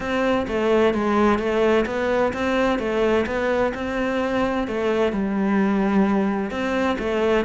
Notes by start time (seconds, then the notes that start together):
0.00 C4
0.47 A3
0.94 G#3
1.38 A3
1.86 B3
2.33 C4
2.79 A3
3.26 B3
3.74 C4
4.67 A3
5.12 G3
6.51 C4
6.99 A3